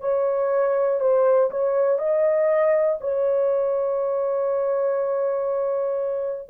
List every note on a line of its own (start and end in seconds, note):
0.00 1.00 C#5
1.00 1.50 C5
1.50 1.98 C#5
1.98 2.98 D#5
3.00 6.49 C#5